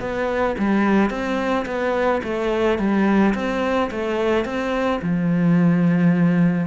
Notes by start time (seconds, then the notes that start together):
0.00 B3
0.58 G3
1.10 C4
1.66 B3
2.23 A3
2.79 G3
3.35 C4
3.91 A3
4.45 C4
5.02 F3